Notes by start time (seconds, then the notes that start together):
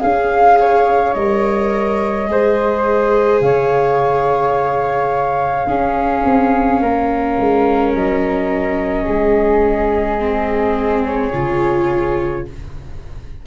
0.00 C#4 G#4 F5
0.60 C#5
1.13 G3 A#4 D#5
2.27 G#3 G#4 C5
3.40 C#3 C#5 F5
5.66 C#4 G#4
6.24 C4
6.80 A#3 A#4
7.39 G#3
7.94 F#3 D#5
9.04 G#3 G#4
10.19 C4
11.04 C#5
11.33 C#3 F4